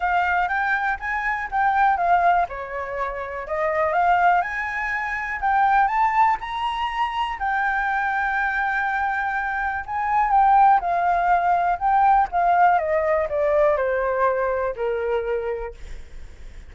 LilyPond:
\new Staff \with { instrumentName = "flute" } { \time 4/4 \tempo 4 = 122 f''4 g''4 gis''4 g''4 | f''4 cis''2 dis''4 | f''4 gis''2 g''4 | a''4 ais''2 g''4~ |
g''1 | gis''4 g''4 f''2 | g''4 f''4 dis''4 d''4 | c''2 ais'2 | }